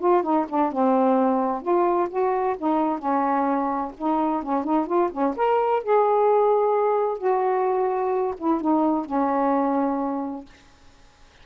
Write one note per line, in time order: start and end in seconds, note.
0.00 0.23 F4
0.23 0.47 D#4
0.49 0.72 D4
0.73 1.62 C4
1.62 2.09 F4
2.10 2.56 F#4
2.58 2.99 D#4
2.99 3.92 C#4
3.98 4.43 D#4
4.43 4.64 C#4
4.64 4.87 D#4
4.87 5.10 F4
5.12 5.35 C#4
5.37 5.83 A#4
5.83 7.18 G#4
7.18 8.35 F#4
8.38 8.61 E4
8.61 9.06 D#4
9.06 10.46 C#4